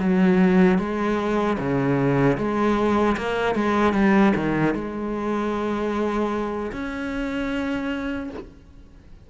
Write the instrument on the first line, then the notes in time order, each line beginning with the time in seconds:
cello
0.00 F#3
0.79 G#3
1.59 C#3
2.38 G#3
3.18 A#3
3.55 G#3
3.94 G3
4.36 D#3
4.74 G#3
6.72 C#4